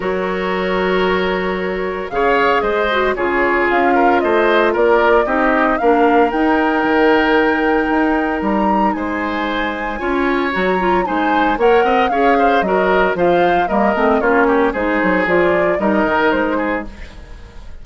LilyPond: <<
  \new Staff \with { instrumentName = "flute" } { \time 4/4 \tempo 4 = 114 cis''1 | f''4 dis''4 cis''4 f''4 | dis''4 d''4 dis''4 f''4 | g''1 |
ais''4 gis''2. | ais''4 gis''4 fis''4 f''4 | dis''4 f''4 dis''4 cis''4 | c''4 d''4 dis''4 c''4 | }
  \new Staff \with { instrumentName = "oboe" } { \time 4/4 ais'1 | cis''4 c''4 gis'4. ais'8 | c''4 ais'4 g'4 ais'4~ | ais'1~ |
ais'4 c''2 cis''4~ | cis''4 c''4 cis''8 dis''8 cis''8 c''8 | ais'4 c''4 ais'4 f'8 g'8 | gis'2 ais'4. gis'8 | }
  \new Staff \with { instrumentName = "clarinet" } { \time 4/4 fis'1 | gis'4. fis'8 f'2~ | f'2 dis'4 d'4 | dis'1~ |
dis'2. f'4 | fis'8 f'8 dis'4 ais'4 gis'4 | fis'4 f'4 ais8 c'8 cis'4 | dis'4 f'4 dis'2 | }
  \new Staff \with { instrumentName = "bassoon" } { \time 4/4 fis1 | cis4 gis4 cis4 cis'4 | a4 ais4 c'4 ais4 | dis'4 dis2 dis'4 |
g4 gis2 cis'4 | fis4 gis4 ais8 c'8 cis'4 | fis4 f4 g8 a8 ais4 | gis8 fis8 f4 g8 dis8 gis4 | }
>>